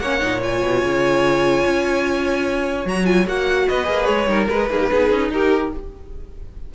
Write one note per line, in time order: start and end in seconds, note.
0.00 0.21 A#3
0.00 0.20 C#4
0.00 3.68 C#5
0.00 0.41 F#5
0.20 0.62 A#2
0.20 0.40 D#4
0.40 2.85 F4
0.40 2.88 G#5
0.62 0.83 B2
0.83 1.65 C#3
1.66 2.85 C#4
2.85 3.26 F#3
2.85 3.06 F#4
2.85 3.06 A#5
3.06 3.26 F4
3.06 3.26 G#5
3.26 3.67 A#3
3.26 3.85 F#4
3.26 3.69 F#5
3.68 3.88 B3
3.68 4.29 B4
3.68 4.05 D#5
3.85 4.09 A#3
3.85 4.25 G#4
4.05 4.28 G#3
4.05 4.46 C#5
4.28 4.48 G3
4.28 4.49 D#4
4.28 4.70 A#4
4.49 4.70 G#3
4.49 4.71 G#3
4.49 5.31 B4
4.70 4.91 D#3
4.70 4.90 A#3
4.70 4.80 G#4
4.80 4.90 G4
4.91 5.12 B3
4.91 5.73 D#4
4.91 5.32 G#4
5.12 5.29 C#4
5.29 5.70 D#4
5.29 5.75 G4
5.29 5.73 A#4